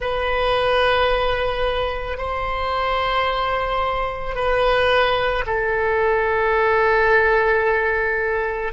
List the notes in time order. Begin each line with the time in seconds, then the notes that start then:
0.00 B4
2.17 C5
4.35 B4
5.46 A4